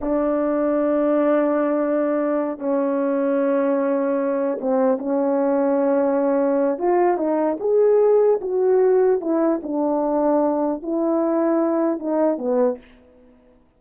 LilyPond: \new Staff \with { instrumentName = "horn" } { \time 4/4 \tempo 4 = 150 d'1~ | d'2~ d'8 cis'4.~ | cis'2.~ cis'8 c'8~ | c'8 cis'2.~ cis'8~ |
cis'4 f'4 dis'4 gis'4~ | gis'4 fis'2 e'4 | d'2. e'4~ | e'2 dis'4 b4 | }